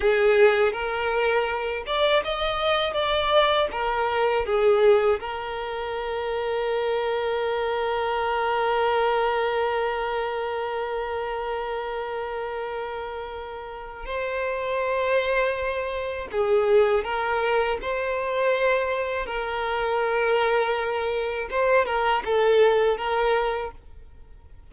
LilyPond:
\new Staff \with { instrumentName = "violin" } { \time 4/4 \tempo 4 = 81 gis'4 ais'4. d''8 dis''4 | d''4 ais'4 gis'4 ais'4~ | ais'1~ | ais'1~ |
ais'2. c''4~ | c''2 gis'4 ais'4 | c''2 ais'2~ | ais'4 c''8 ais'8 a'4 ais'4 | }